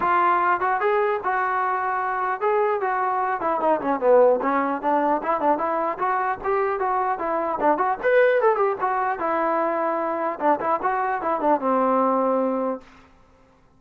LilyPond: \new Staff \with { instrumentName = "trombone" } { \time 4/4 \tempo 4 = 150 f'4. fis'8 gis'4 fis'4~ | fis'2 gis'4 fis'4~ | fis'8 e'8 dis'8 cis'8 b4 cis'4 | d'4 e'8 d'8 e'4 fis'4 |
g'4 fis'4 e'4 d'8 fis'8 | b'4 a'8 g'8 fis'4 e'4~ | e'2 d'8 e'8 fis'4 | e'8 d'8 c'2. | }